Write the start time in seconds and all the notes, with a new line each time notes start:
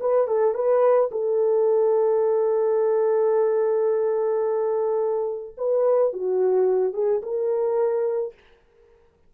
0.00 B4
0.27 A4
0.54 B4
1.11 A4
5.57 B4
6.13 F#4
6.93 G#4
7.22 A#4